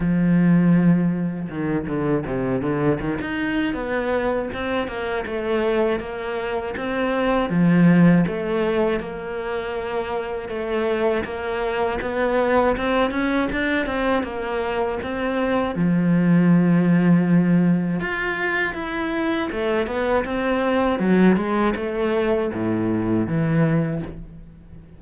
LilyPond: \new Staff \with { instrumentName = "cello" } { \time 4/4 \tempo 4 = 80 f2 dis8 d8 c8 d8 | dis16 dis'8. b4 c'8 ais8 a4 | ais4 c'4 f4 a4 | ais2 a4 ais4 |
b4 c'8 cis'8 d'8 c'8 ais4 | c'4 f2. | f'4 e'4 a8 b8 c'4 | fis8 gis8 a4 a,4 e4 | }